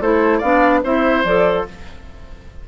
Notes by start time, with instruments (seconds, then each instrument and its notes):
0.00 bassoon A3, clarinet E4, oboe A4, flute C5
0.38 bassoon B3, clarinet D4, oboe D5, flute F5
0.83 bassoon C4, clarinet E4, oboe C5, flute E5
1.24 bassoon F3, clarinet A4, flute D5